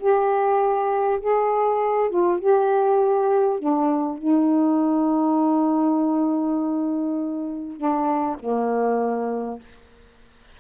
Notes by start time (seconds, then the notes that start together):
0.00 G4
1.20 G#4
2.10 F4
2.39 G4
3.59 D4
4.18 D#4
7.77 D4
8.40 A#3